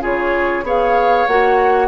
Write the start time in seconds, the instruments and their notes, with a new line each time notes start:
0.00 bassoon C#3, clarinet F4, oboe G#4, flute C#5
0.63 bassoon B3, clarinet G#4, oboe C#5, flute F5
1.27 bassoon A#3, clarinet F#4, flute F#5